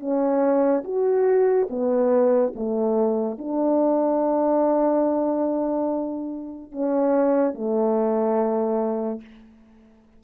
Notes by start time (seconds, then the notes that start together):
0.00 C#4
0.84 F#4
1.70 B3
2.55 A3
3.38 D4
6.72 C#4
7.54 A3